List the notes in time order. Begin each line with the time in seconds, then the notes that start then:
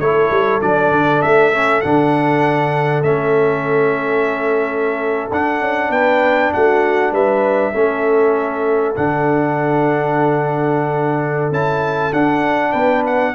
0.00 A3 E4 A4 C#5
0.31 G3
0.61 F#3 D4 D5
0.91 D3
1.22 A3 E5
1.53 C#4
1.81 D3 D4 F#5
3.03 A3 C#4 E5
5.31 D4 F#5
5.60 C#4
5.89 B3 B4 G5
6.53 A3 F#4 F#5
7.12 G3 B4 E5
7.73 A3 C#4 A4
8.95 D3 D4 F#5
11.51 C#4 E4 A5
12.13 D4 F#5
12.72 B3 B4 G5
13.06 F#5